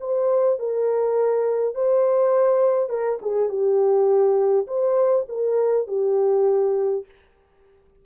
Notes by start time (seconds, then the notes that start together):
0.00 C5
0.59 A#4
1.74 C5
2.90 A#4
3.22 G#4
3.49 G4
4.67 C5
5.29 A#4
5.88 G4